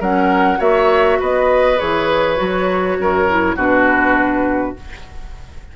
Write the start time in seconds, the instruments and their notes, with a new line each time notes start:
0.00 bassoon F#3, clarinet C#4, oboe A#4, flute F#5
0.57 bassoon A#3, clarinet F#4, oboe C#5, flute E5
1.20 bassoon B3, oboe B4, flute D#5
1.77 bassoon E3, clarinet G#4, flute C#5
2.36 bassoon F#3, clarinet F#4
2.99 bassoon F#2, oboe A#4
3.29 clarinet E4
3.56 bassoon B2, clarinet D4, oboe F#4, flute B4